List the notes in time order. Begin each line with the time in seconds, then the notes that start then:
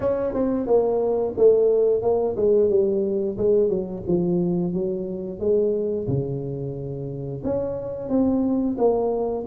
0.00 C#4
0.33 C4
0.66 A#3
1.37 A3
2.02 A#3
2.36 G#3
2.69 G3
3.37 G#3
3.69 F#3
4.07 F3
4.73 F#3
5.39 G#3
6.07 C#3
7.43 C#4
8.09 C4
8.78 A#3